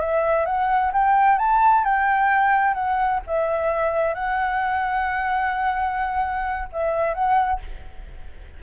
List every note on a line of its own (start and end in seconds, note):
0.00 0.46 E5
0.46 0.92 F#5
0.93 1.39 G5
1.39 1.85 A5
1.85 2.74 G5
2.74 3.21 F#5
3.27 4.15 E5
4.15 6.69 F#5
6.73 7.14 E5
7.14 7.60 F#5